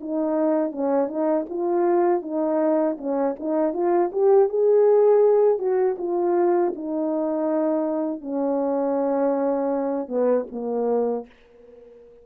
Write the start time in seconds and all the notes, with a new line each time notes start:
0.00 D#4
0.71 C#4
1.07 D#4
1.49 F4
2.21 D#4
2.97 C#4
3.39 D#4
3.73 F4
4.12 G4
4.49 G#4
5.58 F#4
5.98 F4
6.75 D#4
8.21 C#4
10.08 B3
10.51 A#3